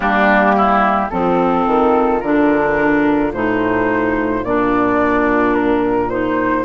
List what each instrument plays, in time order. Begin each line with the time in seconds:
0.00 bassoon G3, clarinet A#3, oboe D4, flute G4
0.57 oboe E4
1.10 bassoon F3, clarinet C4, oboe F4, flute A4
1.66 bassoon D#3
2.20 bassoon D3, clarinet D4, flute A#4
3.32 bassoon A2, clarinet D#4, flute C5
4.43 bassoon A#2, clarinet D4, flute D5
5.54 flute A#4
6.09 clarinet D#4, flute C5